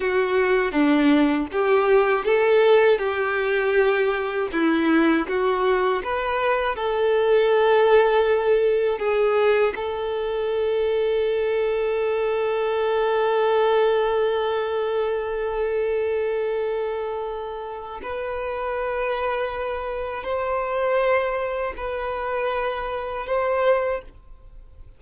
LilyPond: \new Staff \with { instrumentName = "violin" } { \time 4/4 \tempo 4 = 80 fis'4 d'4 g'4 a'4 | g'2 e'4 fis'4 | b'4 a'2. | gis'4 a'2.~ |
a'1~ | a'1 | b'2. c''4~ | c''4 b'2 c''4 | }